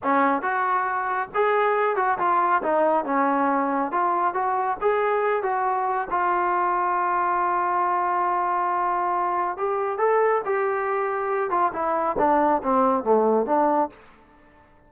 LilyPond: \new Staff \with { instrumentName = "trombone" } { \time 4/4 \tempo 4 = 138 cis'4 fis'2 gis'4~ | gis'8 fis'8 f'4 dis'4 cis'4~ | cis'4 f'4 fis'4 gis'4~ | gis'8 fis'4. f'2~ |
f'1~ | f'2 g'4 a'4 | g'2~ g'8 f'8 e'4 | d'4 c'4 a4 d'4 | }